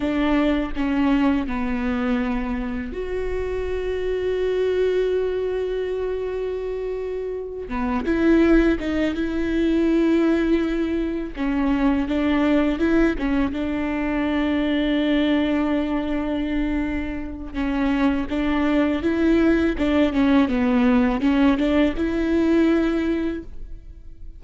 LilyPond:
\new Staff \with { instrumentName = "viola" } { \time 4/4 \tempo 4 = 82 d'4 cis'4 b2 | fis'1~ | fis'2~ fis'8 b8 e'4 | dis'8 e'2. cis'8~ |
cis'8 d'4 e'8 cis'8 d'4.~ | d'1 | cis'4 d'4 e'4 d'8 cis'8 | b4 cis'8 d'8 e'2 | }